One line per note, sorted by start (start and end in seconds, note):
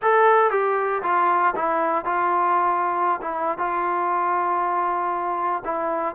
0.02 0.50 A4
0.50 1.01 G4
1.03 1.54 F4
1.55 2.04 E4
2.04 3.20 F4
3.21 3.58 E4
3.58 5.63 F4
5.64 6.15 E4